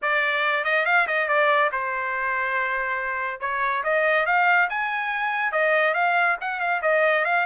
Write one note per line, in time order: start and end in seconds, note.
0.01 0.64 D5
0.64 0.85 D#5
0.85 1.07 F5
1.07 1.28 D#5
1.28 1.70 D5
1.72 3.40 C5
3.40 3.83 C#5
3.83 4.26 D#5
4.26 4.68 F5
4.69 5.52 G#5
5.52 5.94 D#5
5.94 6.36 F5
6.40 6.60 F#5
6.60 6.81 F5
6.82 7.24 D#5
7.25 7.46 F5